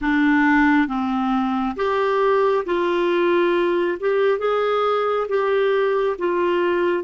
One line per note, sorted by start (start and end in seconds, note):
0.01 0.87 D4
0.87 1.75 C4
1.76 2.64 G4
2.65 3.97 F4
3.99 4.38 G4
4.38 5.27 G#4
5.28 6.16 G4
6.18 7.03 F4